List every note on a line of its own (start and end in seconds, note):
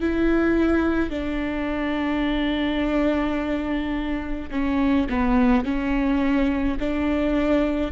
0.00 1.10 E4
1.10 4.49 D4
4.51 5.07 C#4
5.08 5.64 B3
5.64 6.78 C#4
6.79 7.91 D4